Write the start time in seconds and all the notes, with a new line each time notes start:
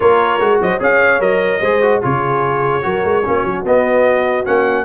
0.00 A#3 F4 A#4 C#5
0.40 G#3 F#4
0.61 F#3 C5 D#5
0.79 C#4 G#4 C#5 F5
1.19 F#3 A#4 D#5
1.61 G#3 G#4 C5
1.82 F#4
2.02 C#3 F4 G#4 C#5
2.82 F#3 F#4 A#4
3.04 G#3
3.24 A#3 C#4 F#4
3.45 F#3
3.64 B3 D#5
4.44 A#3 C#4 F#5